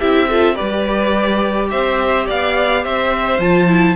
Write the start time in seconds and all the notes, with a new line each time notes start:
0.00 C4 E4 G4 E5
0.29 F4 A4
0.55 G3 G4 B4 D5
1.70 C4 C5 E5
2.27 B3 D5 F5
2.83 C4 C5 E5
3.39 F3 F4 A5
3.68 E4